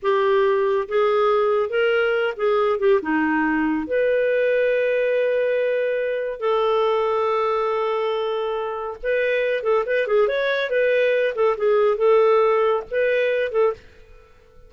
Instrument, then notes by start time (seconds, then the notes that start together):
clarinet
0.02 G4
0.88 G#4
1.69 A#4
2.36 G#4
2.79 G4
3.02 D#4
3.87 B4
6.40 A4
9.03 B4
9.63 A4
9.86 B4
10.07 G#4
10.28 C#5
10.70 B4
11.35 A4
11.57 G#4
11.97 A4
12.91 B4
13.51 A4